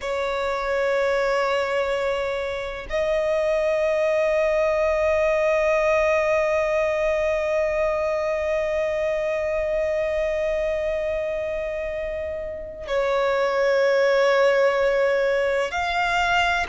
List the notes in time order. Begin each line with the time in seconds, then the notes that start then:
0.01 C#5
2.89 D#5
12.87 C#5
15.71 F5